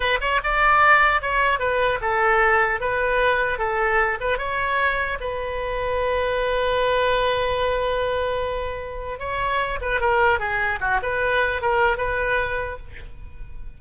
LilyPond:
\new Staff \with { instrumentName = "oboe" } { \time 4/4 \tempo 4 = 150 b'8 cis''8 d''2 cis''4 | b'4 a'2 b'4~ | b'4 a'4. b'8 cis''4~ | cis''4 b'2.~ |
b'1~ | b'2. cis''4~ | cis''8 b'8 ais'4 gis'4 fis'8 b'8~ | b'4 ais'4 b'2 | }